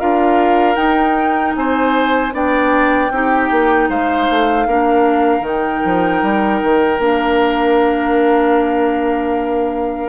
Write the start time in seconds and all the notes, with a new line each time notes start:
0.00 D4 F4 A#4 F5
0.76 D#4 G5
1.56 C4 C5 G#5
2.32 B3 D4 D5 G5
3.11 C4 D#4 G4
3.51 A#3
3.90 G#3 C5 F5
4.31 A3
4.67 A#3 D4 A#4
5.41 D#3 D#4 G5
5.85 F3
6.23 G3
6.63 D#3
7.00 A#3 D4 F5